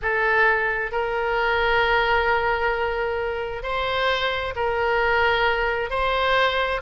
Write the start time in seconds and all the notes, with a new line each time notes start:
0.01 A4
0.91 A#4
3.63 C5
4.55 A#4
5.90 C5